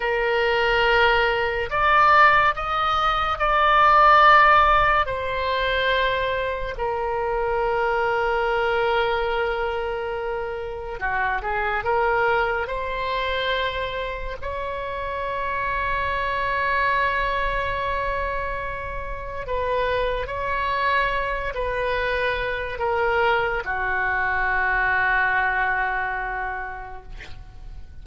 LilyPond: \new Staff \with { instrumentName = "oboe" } { \time 4/4 \tempo 4 = 71 ais'2 d''4 dis''4 | d''2 c''2 | ais'1~ | ais'4 fis'8 gis'8 ais'4 c''4~ |
c''4 cis''2.~ | cis''2. b'4 | cis''4. b'4. ais'4 | fis'1 | }